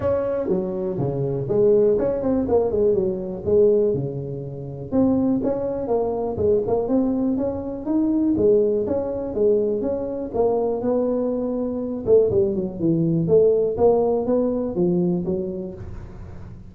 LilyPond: \new Staff \with { instrumentName = "tuba" } { \time 4/4 \tempo 4 = 122 cis'4 fis4 cis4 gis4 | cis'8 c'8 ais8 gis8 fis4 gis4 | cis2 c'4 cis'4 | ais4 gis8 ais8 c'4 cis'4 |
dis'4 gis4 cis'4 gis4 | cis'4 ais4 b2~ | b8 a8 g8 fis8 e4 a4 | ais4 b4 f4 fis4 | }